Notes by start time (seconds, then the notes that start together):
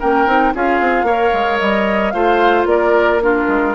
0.00 A#3 C#4 A#4 G5
0.26 C4 D#4
0.55 C#4 F4 G#4 F5
0.81 C4
1.03 A#3 A#4 C#5
1.34 G#3
1.60 G3 D#5
2.11 A3 F4 C5 F5
2.66 A#3 A#4 D5
3.21 D4 F4 A#4
3.49 G#3